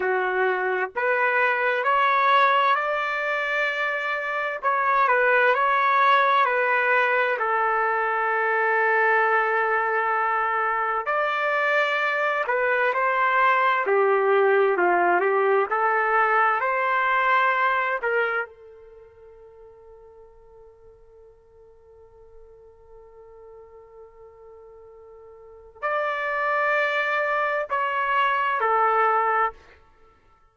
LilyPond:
\new Staff \with { instrumentName = "trumpet" } { \time 4/4 \tempo 4 = 65 fis'4 b'4 cis''4 d''4~ | d''4 cis''8 b'8 cis''4 b'4 | a'1 | d''4. b'8 c''4 g'4 |
f'8 g'8 a'4 c''4. ais'8 | a'1~ | a'1 | d''2 cis''4 a'4 | }